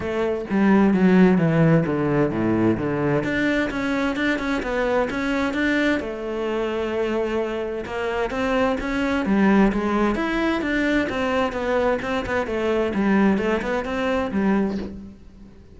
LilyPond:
\new Staff \with { instrumentName = "cello" } { \time 4/4 \tempo 4 = 130 a4 g4 fis4 e4 | d4 a,4 d4 d'4 | cis'4 d'8 cis'8 b4 cis'4 | d'4 a2.~ |
a4 ais4 c'4 cis'4 | g4 gis4 e'4 d'4 | c'4 b4 c'8 b8 a4 | g4 a8 b8 c'4 g4 | }